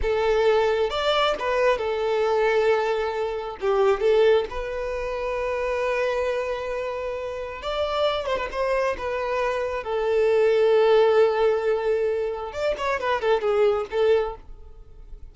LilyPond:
\new Staff \with { instrumentName = "violin" } { \time 4/4 \tempo 4 = 134 a'2 d''4 b'4 | a'1 | g'4 a'4 b'2~ | b'1~ |
b'4 d''4. c''16 b'16 c''4 | b'2 a'2~ | a'1 | d''8 cis''8 b'8 a'8 gis'4 a'4 | }